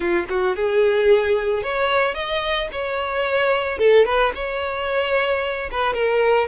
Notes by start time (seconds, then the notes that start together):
0.00 F4
0.29 F#4
0.56 G#4
1.62 C#5
2.14 D#5
2.71 C#5
3.78 A4
4.05 B4
4.35 C#5
5.71 B4
5.93 A#4